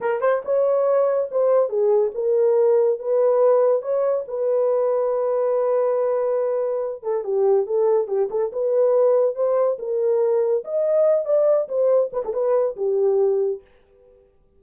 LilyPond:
\new Staff \with { instrumentName = "horn" } { \time 4/4 \tempo 4 = 141 ais'8 c''8 cis''2 c''4 | gis'4 ais'2 b'4~ | b'4 cis''4 b'2~ | b'1~ |
b'8 a'8 g'4 a'4 g'8 a'8 | b'2 c''4 ais'4~ | ais'4 dis''4. d''4 c''8~ | c''8 b'16 a'16 b'4 g'2 | }